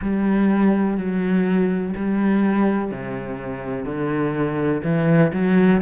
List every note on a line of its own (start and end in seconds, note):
0.01 0.97 G3
0.97 1.94 F#3
1.96 2.91 G3
2.91 3.85 C3
3.85 4.82 D3
4.83 5.32 E3
5.32 5.81 F#3